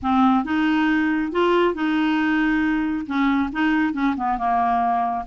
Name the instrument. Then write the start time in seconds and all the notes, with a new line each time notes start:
clarinet
0.02 C4
0.44 D#4
1.32 F4
1.74 D#4
3.06 C#4
3.52 D#4
3.93 C#4
4.16 B3
4.37 A#3